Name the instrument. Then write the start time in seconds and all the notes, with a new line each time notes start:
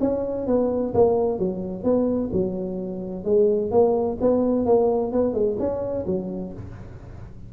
tuba
0.00 C#4
0.47 B3
0.94 A#3
1.39 F#3
1.83 B3
2.32 F#3
3.25 G#3
3.71 A#3
4.21 B3
4.66 A#3
5.12 B3
5.33 G#3
5.59 C#4
6.06 F#3